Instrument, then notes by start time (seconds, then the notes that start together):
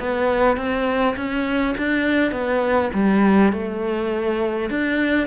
cello
0.00 B3
0.57 C4
1.17 C#4
1.78 D4
2.32 B3
2.94 G3
3.53 A3
4.70 D4